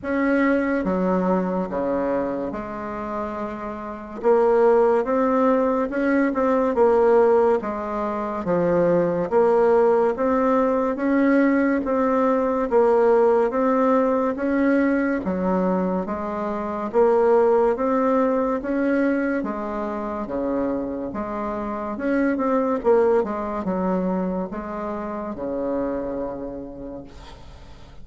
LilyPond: \new Staff \with { instrumentName = "bassoon" } { \time 4/4 \tempo 4 = 71 cis'4 fis4 cis4 gis4~ | gis4 ais4 c'4 cis'8 c'8 | ais4 gis4 f4 ais4 | c'4 cis'4 c'4 ais4 |
c'4 cis'4 fis4 gis4 | ais4 c'4 cis'4 gis4 | cis4 gis4 cis'8 c'8 ais8 gis8 | fis4 gis4 cis2 | }